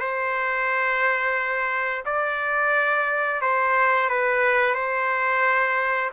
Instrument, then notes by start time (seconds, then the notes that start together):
trumpet
0.00 C5
2.05 D5
3.42 C5
4.10 B4
4.74 C5